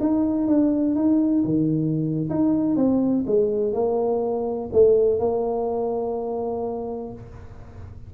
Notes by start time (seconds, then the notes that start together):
0.00 D#4
0.47 D4
0.95 D#4
1.45 D#3
2.30 D#4
2.76 C4
3.26 G#3
3.73 A#3
4.72 A3
5.19 A#3